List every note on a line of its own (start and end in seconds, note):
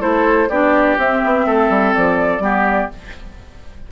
0.00 0.49 A3
0.00 0.48 E4
0.00 0.49 A4
0.00 0.49 C5
0.49 0.97 B3
0.49 1.00 D4
0.49 1.46 G4
0.49 0.98 D5
0.98 1.22 C4
0.98 2.41 C4
0.98 1.94 E5
1.25 1.47 B3
1.47 1.69 A3
1.47 2.43 A4
1.69 1.93 G3
1.94 2.40 F3
1.94 2.91 D5
2.40 2.88 G3
2.40 2.89 B3
2.40 2.91 G4